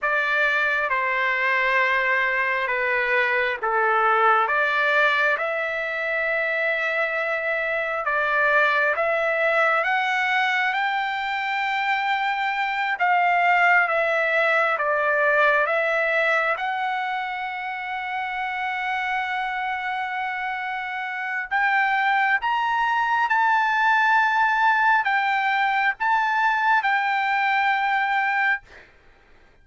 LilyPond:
\new Staff \with { instrumentName = "trumpet" } { \time 4/4 \tempo 4 = 67 d''4 c''2 b'4 | a'4 d''4 e''2~ | e''4 d''4 e''4 fis''4 | g''2~ g''8 f''4 e''8~ |
e''8 d''4 e''4 fis''4.~ | fis''1 | g''4 ais''4 a''2 | g''4 a''4 g''2 | }